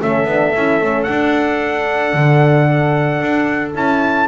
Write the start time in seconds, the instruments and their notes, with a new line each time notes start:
0.00 double bass A3, horn C#4, clarinet A4, trumpet E5
0.25 double bass B3, horn D4
0.55 double bass C#4, horn E4
0.80 double bass A3, horn C#4
1.03 double bass D4, horn D4, trumpet F#5
2.14 double bass D3
3.21 double bass D4
3.74 double bass C#4, horn E4, trumpet A5